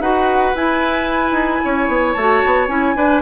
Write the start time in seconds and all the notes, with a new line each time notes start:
0.00 D#4 F#4 B4 F#5
0.54 E4 G#5
1.32 D#4
1.65 C#4 C#5
1.88 B3
2.13 A3 F#4 A5
2.46 B3
2.68 C#4 E4 G#5
2.96 D4 B4